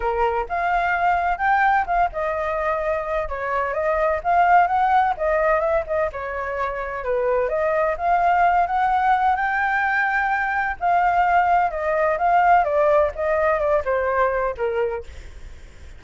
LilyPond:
\new Staff \with { instrumentName = "flute" } { \time 4/4 \tempo 4 = 128 ais'4 f''2 g''4 | f''8 dis''2~ dis''8 cis''4 | dis''4 f''4 fis''4 dis''4 | e''8 dis''8 cis''2 b'4 |
dis''4 f''4. fis''4. | g''2. f''4~ | f''4 dis''4 f''4 d''4 | dis''4 d''8 c''4. ais'4 | }